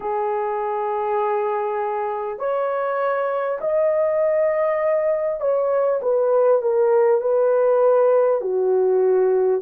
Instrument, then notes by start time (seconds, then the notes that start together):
horn
0.00 G#4
2.38 C#5
3.60 D#5
5.40 C#5
6.02 B4
6.62 A#4
7.21 B4
8.41 F#4